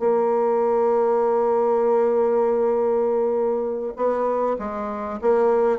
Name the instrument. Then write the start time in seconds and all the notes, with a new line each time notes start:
bassoon
0.00 A#3
3.97 B3
4.60 G#3
5.22 A#3